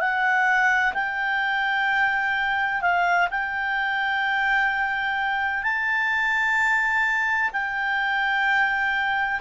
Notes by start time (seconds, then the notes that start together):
0.00 F#5
0.94 G5
2.82 F5
3.31 G5
5.63 A5
7.53 G5